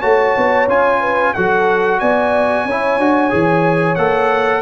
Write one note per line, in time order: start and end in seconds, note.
0.00 0.36 A3
0.00 0.67 F#4
0.00 0.99 C#5
0.00 0.67 A5
0.37 0.68 B3
0.68 1.34 C#4
0.68 1.35 F4
0.68 1.34 G#5
1.00 1.33 B4
1.34 2.01 F#3
1.34 2.68 F#4
1.34 2.00 A4
1.34 1.99 F#5
1.99 2.65 B3
1.99 2.65 D5
1.99 3.95 G#5
2.65 2.98 C#4
2.65 3.00 E4
2.65 4.61 C#5
2.98 3.31 D4
2.98 3.30 F#4
3.30 3.97 E3
3.30 3.96 G#4
3.95 4.61 A#3
3.95 4.61 A4
3.95 4.61 F#5